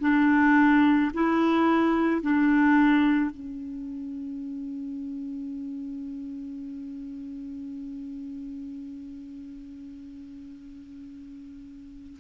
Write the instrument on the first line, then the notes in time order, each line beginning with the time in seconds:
clarinet
0.00 D4
1.14 E4
2.21 D4
3.30 C#4